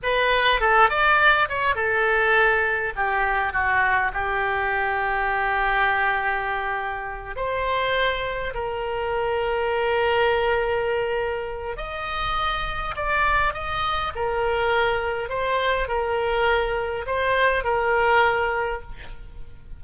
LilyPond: \new Staff \with { instrumentName = "oboe" } { \time 4/4 \tempo 4 = 102 b'4 a'8 d''4 cis''8 a'4~ | a'4 g'4 fis'4 g'4~ | g'1~ | g'8 c''2 ais'4.~ |
ais'1 | dis''2 d''4 dis''4 | ais'2 c''4 ais'4~ | ais'4 c''4 ais'2 | }